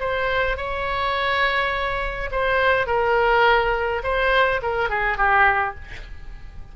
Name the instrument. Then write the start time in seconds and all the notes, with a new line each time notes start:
oboe
0.00 C5
0.57 C#5
2.31 C5
2.87 A#4
4.03 C5
4.62 A#4
4.89 G#4
5.17 G4